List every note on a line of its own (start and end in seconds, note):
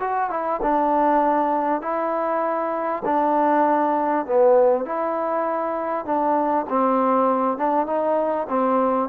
0.00 0.30 F#4
0.30 0.60 E4
0.63 1.82 D4
1.82 3.03 E4
3.05 4.26 D4
4.26 4.85 B3
4.85 6.05 E4
6.05 6.66 D4
6.69 7.58 C4
7.58 7.87 D4
7.87 8.47 D#4
8.49 9.09 C4